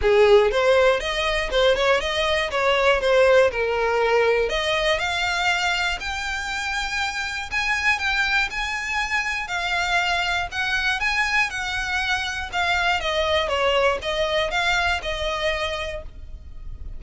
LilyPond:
\new Staff \with { instrumentName = "violin" } { \time 4/4 \tempo 4 = 120 gis'4 c''4 dis''4 c''8 cis''8 | dis''4 cis''4 c''4 ais'4~ | ais'4 dis''4 f''2 | g''2. gis''4 |
g''4 gis''2 f''4~ | f''4 fis''4 gis''4 fis''4~ | fis''4 f''4 dis''4 cis''4 | dis''4 f''4 dis''2 | }